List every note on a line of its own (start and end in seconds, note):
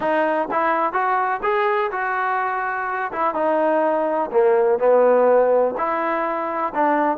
0.00 0.48 D#4
0.51 0.93 E4
0.93 1.41 F#4
1.42 1.90 G#4
1.91 3.11 F#4
3.12 3.34 E4
3.34 4.30 D#4
4.31 4.78 A#3
4.78 5.74 B3
5.77 6.73 E4
6.74 7.17 D4